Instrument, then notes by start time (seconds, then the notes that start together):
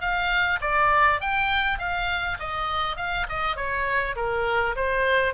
oboe
0.00 F5
0.60 D5
1.20 G5
1.78 F5
2.39 D#5
2.96 F5
3.29 D#5
3.56 C#5
4.16 A#4
4.75 C5